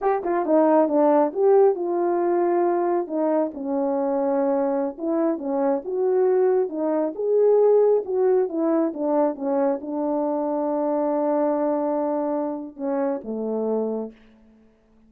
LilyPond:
\new Staff \with { instrumentName = "horn" } { \time 4/4 \tempo 4 = 136 g'8 f'8 dis'4 d'4 g'4 | f'2. dis'4 | cis'2.~ cis'16 e'8.~ | e'16 cis'4 fis'2 dis'8.~ |
dis'16 gis'2 fis'4 e'8.~ | e'16 d'4 cis'4 d'4.~ d'16~ | d'1~ | d'4 cis'4 a2 | }